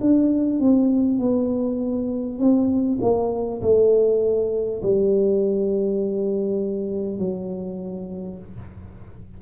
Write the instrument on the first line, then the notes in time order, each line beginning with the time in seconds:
tuba
0.00 D4
0.59 C4
1.18 B3
2.38 C4
3.01 A#3
3.61 A3
4.82 G3
7.18 F#3